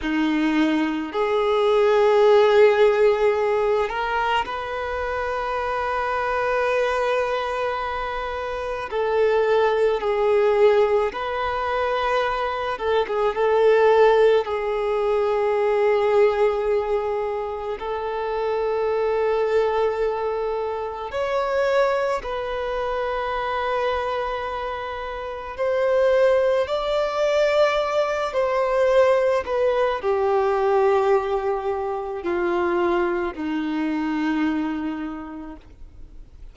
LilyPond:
\new Staff \with { instrumentName = "violin" } { \time 4/4 \tempo 4 = 54 dis'4 gis'2~ gis'8 ais'8 | b'1 | a'4 gis'4 b'4. a'16 gis'16 | a'4 gis'2. |
a'2. cis''4 | b'2. c''4 | d''4. c''4 b'8 g'4~ | g'4 f'4 dis'2 | }